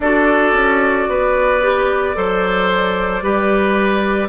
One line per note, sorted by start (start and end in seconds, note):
0.00 0.52 D4
0.00 1.62 F#4
0.00 1.08 A4
0.00 4.28 D5
0.52 1.06 C#4
1.08 2.15 B3
1.08 2.16 B4
1.62 2.15 G4
2.15 3.22 F#3
2.15 3.22 A4
2.15 3.23 C5
3.22 4.28 G3
3.22 4.28 G4
3.22 4.28 B4